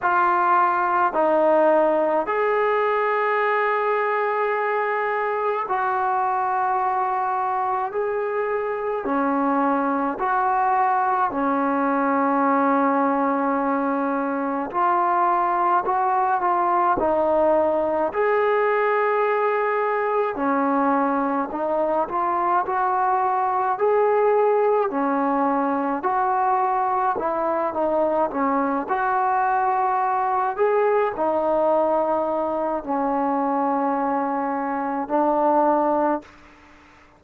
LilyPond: \new Staff \with { instrumentName = "trombone" } { \time 4/4 \tempo 4 = 53 f'4 dis'4 gis'2~ | gis'4 fis'2 gis'4 | cis'4 fis'4 cis'2~ | cis'4 f'4 fis'8 f'8 dis'4 |
gis'2 cis'4 dis'8 f'8 | fis'4 gis'4 cis'4 fis'4 | e'8 dis'8 cis'8 fis'4. gis'8 dis'8~ | dis'4 cis'2 d'4 | }